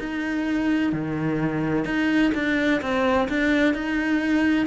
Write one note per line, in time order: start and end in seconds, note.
0.00 0.92 D#4
0.92 1.85 D#3
1.85 2.32 D#4
2.35 2.82 D4
2.82 3.29 C4
3.29 3.75 D4
3.75 4.67 D#4